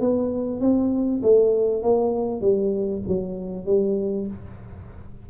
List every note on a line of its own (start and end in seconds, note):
0.00 0.60 B3
0.60 1.22 C4
1.22 1.82 A3
1.82 2.41 A#3
2.41 3.02 G3
3.07 3.65 F#3
3.65 4.27 G3